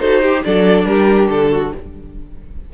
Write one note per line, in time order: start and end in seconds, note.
0.00 0.44 D#4
0.00 0.24 F#4
0.00 0.22 A4
0.00 0.43 C5
0.22 0.44 G4
0.22 0.45 G4
0.45 0.85 F#3
0.45 1.74 D4
0.45 0.88 A4
0.45 0.86 D5
0.85 1.29 G3
0.85 1.51 G4
0.85 1.29 A#4
1.29 1.72 D3
1.29 1.73 A4
1.51 1.73 F#4